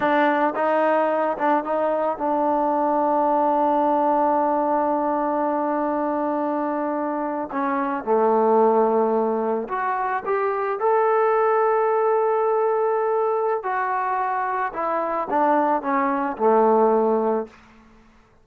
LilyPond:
\new Staff \with { instrumentName = "trombone" } { \time 4/4 \tempo 4 = 110 d'4 dis'4. d'8 dis'4 | d'1~ | d'1~ | d'4.~ d'16 cis'4 a4~ a16~ |
a4.~ a16 fis'4 g'4 a'16~ | a'1~ | a'4 fis'2 e'4 | d'4 cis'4 a2 | }